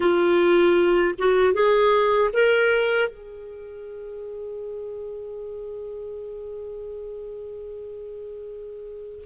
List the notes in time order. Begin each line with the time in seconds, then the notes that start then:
0.00 F4
1.18 F#4
1.53 G#4
2.33 A#4
3.08 G#4